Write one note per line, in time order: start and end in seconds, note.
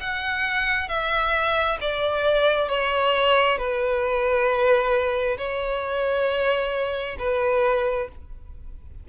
0.00 0.88 F#5
0.88 1.78 E5
1.81 2.69 D5
2.69 3.58 C#5
3.58 5.37 B4
5.38 7.17 C#5
7.19 8.08 B4